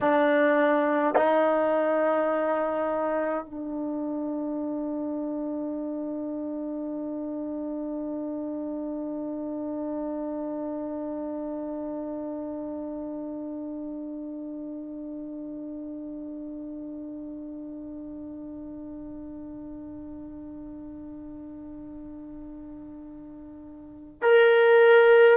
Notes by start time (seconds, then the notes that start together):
0.00 D4
1.15 D#4
3.45 D4
24.22 A#4